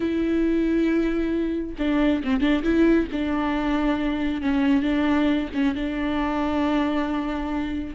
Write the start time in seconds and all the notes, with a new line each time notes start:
0.00 E4
1.78 D4
2.24 C4
2.40 D4
2.63 E4
3.12 D4
4.41 C#4
4.82 D4
5.53 C#4
5.75 D4